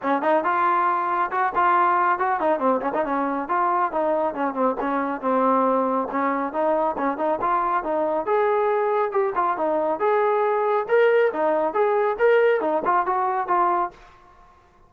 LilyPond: \new Staff \with { instrumentName = "trombone" } { \time 4/4 \tempo 4 = 138 cis'8 dis'8 f'2 fis'8 f'8~ | f'4 fis'8 dis'8 c'8 cis'16 dis'16 cis'4 | f'4 dis'4 cis'8 c'8 cis'4 | c'2 cis'4 dis'4 |
cis'8 dis'8 f'4 dis'4 gis'4~ | gis'4 g'8 f'8 dis'4 gis'4~ | gis'4 ais'4 dis'4 gis'4 | ais'4 dis'8 f'8 fis'4 f'4 | }